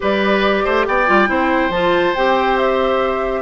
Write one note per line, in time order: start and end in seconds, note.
0.00 0.65 G3
0.00 1.07 G4
0.00 0.64 B4
0.00 0.86 D5
0.64 0.86 A3
0.64 0.85 C5
0.86 1.08 B3
0.86 1.29 D5
0.86 1.71 G5
1.07 1.29 G3
1.07 1.27 F4
1.27 1.69 C4
1.27 1.70 E4
1.27 3.41 C5
1.69 2.12 F3
1.69 2.15 F4
1.69 2.14 A5
2.14 3.41 C4
2.14 3.41 G4
2.14 2.57 G5
2.57 3.41 E5